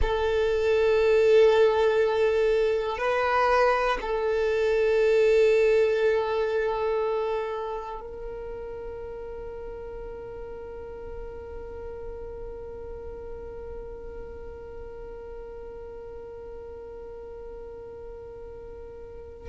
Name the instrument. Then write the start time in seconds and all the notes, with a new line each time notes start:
violin
0.01 A4
2.98 B4
4.00 A4
8.00 A#4